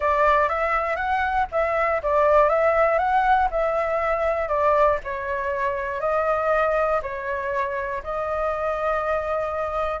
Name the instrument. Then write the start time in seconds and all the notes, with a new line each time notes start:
flute
0.00 D5
0.49 E5
0.96 F#5
1.51 E5
2.02 D5
2.49 E5
2.98 F#5
3.50 E5
4.48 D5
5.04 C#5
6.00 D#5
7.02 C#5
8.03 D#5